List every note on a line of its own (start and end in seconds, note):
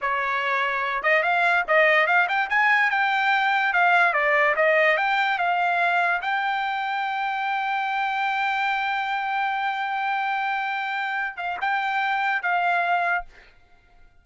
0.01 1.03 C#5
1.03 1.22 D#5
1.22 1.64 F5
1.67 2.07 D#5
2.07 2.27 F5
2.28 2.49 G5
2.49 2.90 G#5
2.90 3.73 G5
3.73 4.13 F5
4.13 4.54 D5
4.56 4.97 D#5
4.97 5.38 G5
5.38 6.21 F5
6.21 11.36 G5
11.36 11.57 F5
11.61 12.42 G5
12.42 13.25 F5